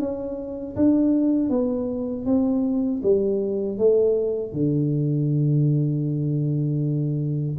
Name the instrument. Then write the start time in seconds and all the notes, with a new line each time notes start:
tuba
0.00 C#4
0.76 D4
1.50 B3
2.26 C4
3.03 G3
3.78 A3
4.53 D3